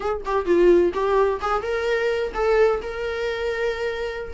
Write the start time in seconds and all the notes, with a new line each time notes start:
0.00 G#4
0.25 G4
0.45 F4
0.93 G4
1.41 G#4
1.62 A#4
2.34 A4
2.82 A#4